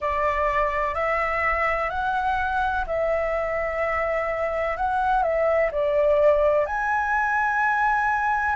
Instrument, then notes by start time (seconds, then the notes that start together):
flute
0.00 D5
0.94 E5
1.89 F#5
2.86 E5
4.76 F#5
5.23 E5
5.71 D5
6.65 G#5